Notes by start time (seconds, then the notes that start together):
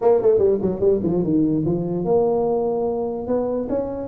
0.01 A#3
0.21 A3
0.38 G3
0.61 F#3
0.80 G3
1.03 F3
1.23 D#3
1.65 F3
2.05 A#3
3.27 B3
3.69 C#4